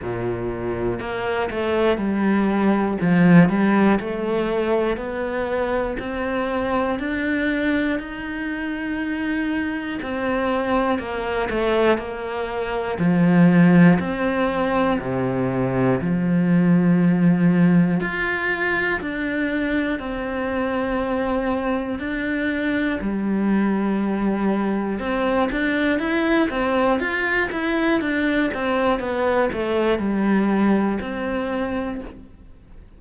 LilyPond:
\new Staff \with { instrumentName = "cello" } { \time 4/4 \tempo 4 = 60 ais,4 ais8 a8 g4 f8 g8 | a4 b4 c'4 d'4 | dis'2 c'4 ais8 a8 | ais4 f4 c'4 c4 |
f2 f'4 d'4 | c'2 d'4 g4~ | g4 c'8 d'8 e'8 c'8 f'8 e'8 | d'8 c'8 b8 a8 g4 c'4 | }